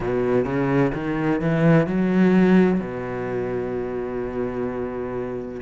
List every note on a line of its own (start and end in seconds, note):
0.00 0.44 B2
0.44 0.91 C#3
0.94 1.41 D#3
1.41 1.87 E3
1.87 2.80 F#3
2.80 5.61 B2